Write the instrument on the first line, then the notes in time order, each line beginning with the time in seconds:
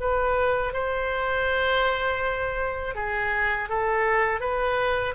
oboe
0.00 B4
0.73 C5
2.95 G#4
3.69 A4
4.40 B4